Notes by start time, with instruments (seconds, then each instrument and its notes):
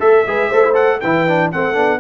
0.00 tuba A3, trombone A4, horn A4, trumpet E5
0.26 tuba G#3, trombone G#4, horn B4
0.49 tuba A3, trombone A4, horn C5
0.64 trombone E4
0.74 trombone A4, trumpet F#5
1.01 tuba E3, trombone E4, horn B4, trumpet G5
1.28 trombone D4
1.52 tuba A3, trombone C4, horn A4, trumpet F#5
1.74 tuba B3, trombone D4